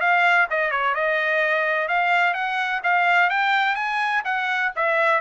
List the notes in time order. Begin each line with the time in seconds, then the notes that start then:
0.00 F5
0.50 D#5
0.71 C#5
0.94 D#5
1.88 F5
2.34 F#5
2.83 F5
3.30 G5
3.75 G#5
4.24 F#5
4.76 E5